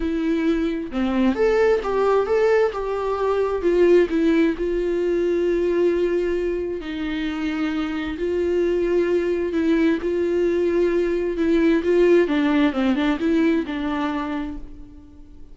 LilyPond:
\new Staff \with { instrumentName = "viola" } { \time 4/4 \tempo 4 = 132 e'2 c'4 a'4 | g'4 a'4 g'2 | f'4 e'4 f'2~ | f'2. dis'4~ |
dis'2 f'2~ | f'4 e'4 f'2~ | f'4 e'4 f'4 d'4 | c'8 d'8 e'4 d'2 | }